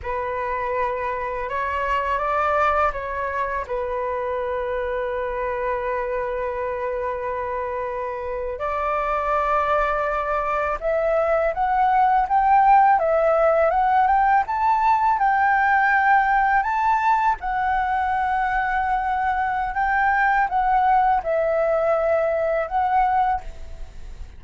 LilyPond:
\new Staff \with { instrumentName = "flute" } { \time 4/4 \tempo 4 = 82 b'2 cis''4 d''4 | cis''4 b'2.~ | b'2.~ b'8. d''16~ | d''2~ d''8. e''4 fis''16~ |
fis''8. g''4 e''4 fis''8 g''8 a''16~ | a''8. g''2 a''4 fis''16~ | fis''2. g''4 | fis''4 e''2 fis''4 | }